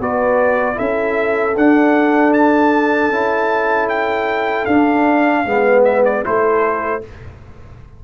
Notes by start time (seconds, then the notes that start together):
0.00 B3 F#4 B4 D5
0.75 C#4 E4 A4 E5
1.56 D4 F#5
2.34 A5
3.10 C#4 E4
3.89 G5
4.66 D4 F5
5.45 G#3 B3 B4
5.85 E5
6.05 D5
6.24 A3 E4 A4 C5